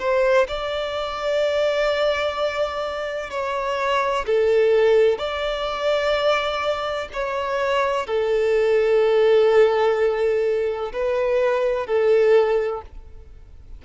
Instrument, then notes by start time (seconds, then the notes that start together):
violin
0.00 C5
0.48 D5
3.31 C#5
4.26 A4
5.19 D5
7.13 C#5
8.07 A4
10.93 B4
11.87 A4